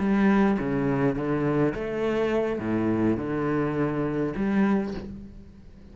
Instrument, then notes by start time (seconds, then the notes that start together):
cello
0.00 G3
0.60 C#3
1.16 D3
1.75 A3
2.59 A2
3.17 D3
4.36 G3